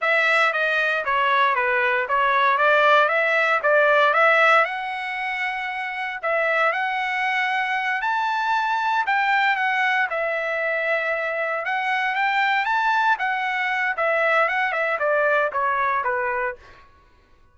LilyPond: \new Staff \with { instrumentName = "trumpet" } { \time 4/4 \tempo 4 = 116 e''4 dis''4 cis''4 b'4 | cis''4 d''4 e''4 d''4 | e''4 fis''2. | e''4 fis''2~ fis''8 a''8~ |
a''4. g''4 fis''4 e''8~ | e''2~ e''8 fis''4 g''8~ | g''8 a''4 fis''4. e''4 | fis''8 e''8 d''4 cis''4 b'4 | }